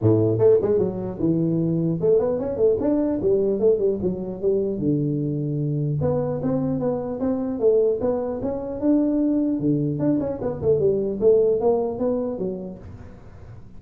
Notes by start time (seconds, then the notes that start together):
0.01 A2
0.38 A3
0.61 G#3
0.78 F#3
1.19 E3
2.01 A3
2.19 B3
2.39 C#4
2.56 A3
2.80 D4
3.21 G3
3.59 A3
3.79 G3
4.02 F#3
4.41 G3
4.79 D3
6.01 B3
6.42 C4
6.79 B3
7.20 C4
7.59 A3
8.01 B3
8.42 C#4
8.80 D4
9.59 D3
9.99 D4
10.20 C#4
10.41 B3
10.62 A3
10.79 G3
11.20 A3
11.60 A#3
11.98 B3
12.38 F#3